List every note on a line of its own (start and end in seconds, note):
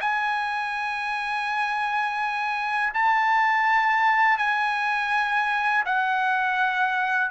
0.00 2.93 G#5
2.93 4.37 A5
4.37 5.84 G#5
5.85 7.30 F#5